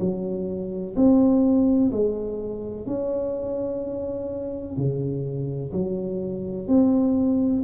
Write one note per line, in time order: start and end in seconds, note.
0.00 0.95 F#3
0.96 1.91 C4
1.91 2.86 G#3
2.86 4.77 C#4
4.77 5.72 C#3
5.72 6.68 F#3
6.68 7.63 C4